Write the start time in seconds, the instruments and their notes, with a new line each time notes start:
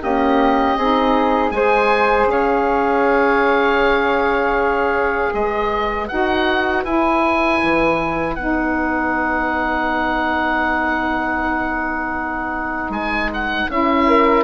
0.00 saxophone A#3, bassoon C#4, flute G4, oboe D#5
0.77 bassoon C4, saxophone D#4, flute G#4
1.51 bassoon G#3, saxophone G#4, flute C5, oboe G#5
2.26 bassoon C#4, flute C#5, oboe F5
5.32 bassoon G#3, flute B4, oboe D#5
6.08 bassoon D#4, saxophone F#4, oboe F#5
6.84 bassoon E4, saxophone E4, oboe G#5
7.63 bassoon E3
8.35 bassoon B3, saxophone D#4, oboe F#5
12.89 bassoon G#3, oboe G#5
13.34 oboe F#5
13.69 bassoon C#4, saxophone E4, oboe E5
14.07 flute A#4